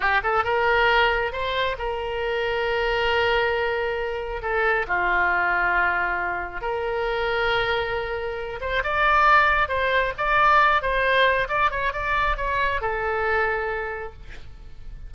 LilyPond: \new Staff \with { instrumentName = "oboe" } { \time 4/4 \tempo 4 = 136 g'8 a'8 ais'2 c''4 | ais'1~ | ais'2 a'4 f'4~ | f'2. ais'4~ |
ais'2.~ ais'8 c''8 | d''2 c''4 d''4~ | d''8 c''4. d''8 cis''8 d''4 | cis''4 a'2. | }